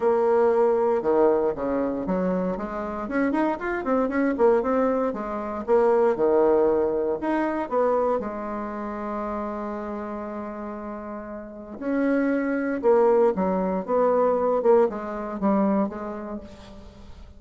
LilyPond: \new Staff \with { instrumentName = "bassoon" } { \time 4/4 \tempo 4 = 117 ais2 dis4 cis4 | fis4 gis4 cis'8 dis'8 f'8 c'8 | cis'8 ais8 c'4 gis4 ais4 | dis2 dis'4 b4 |
gis1~ | gis2. cis'4~ | cis'4 ais4 fis4 b4~ | b8 ais8 gis4 g4 gis4 | }